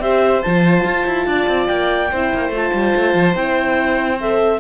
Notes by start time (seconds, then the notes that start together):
0.00 C4 G4 C5 E5
0.42 F3 F4 A5
0.85 F4
1.06 E4
1.26 D4 D5
1.48 C4
1.67 A#3 G5
2.11 C4 E4 C5
2.34 A#3
2.49 A3 F4
2.56 A5
2.74 G3
2.96 A3
3.14 F3
3.34 C4 E4 G5
4.20 A4 E5